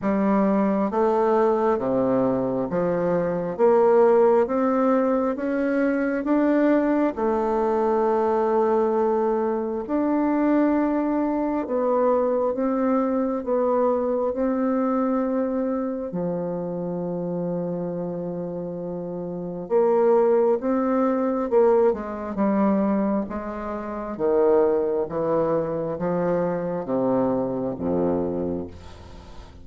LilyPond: \new Staff \with { instrumentName = "bassoon" } { \time 4/4 \tempo 4 = 67 g4 a4 c4 f4 | ais4 c'4 cis'4 d'4 | a2. d'4~ | d'4 b4 c'4 b4 |
c'2 f2~ | f2 ais4 c'4 | ais8 gis8 g4 gis4 dis4 | e4 f4 c4 f,4 | }